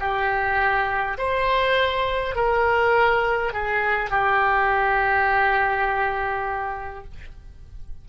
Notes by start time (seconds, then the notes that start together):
0.00 G4
1.18 C5
2.36 A#4
3.53 G#4
4.10 G4